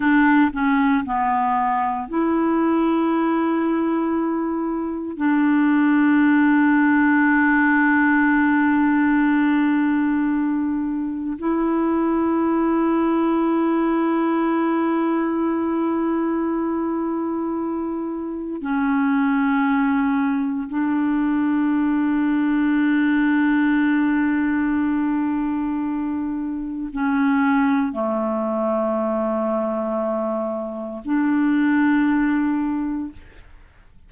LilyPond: \new Staff \with { instrumentName = "clarinet" } { \time 4/4 \tempo 4 = 58 d'8 cis'8 b4 e'2~ | e'4 d'2.~ | d'2. e'4~ | e'1~ |
e'2 cis'2 | d'1~ | d'2 cis'4 a4~ | a2 d'2 | }